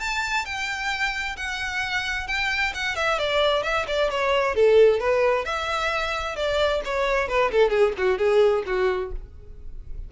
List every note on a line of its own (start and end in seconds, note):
0.00 0.45 A5
0.46 1.37 G5
1.37 2.27 F#5
2.27 2.73 G5
2.74 2.96 F#5
2.96 3.19 E5
3.19 3.63 D5
3.63 3.86 E5
3.88 4.10 D5
4.10 4.55 C#5
4.55 5.00 A4
5.00 5.45 B4
5.45 6.36 E5
6.36 6.82 D5
6.85 7.28 C#5
7.28 7.51 B4
7.51 7.70 A4
7.70 7.93 G#4
7.98 8.18 F#4
8.18 8.64 G#4
8.67 9.12 F#4